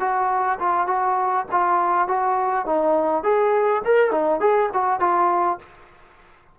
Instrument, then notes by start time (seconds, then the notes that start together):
trombone
0.00 F#4
0.59 F4
0.87 F#4
1.52 F4
2.08 F#4
2.66 D#4
3.24 G#4
3.85 A#4
4.11 D#4
4.40 G#4
4.73 F#4
5.00 F4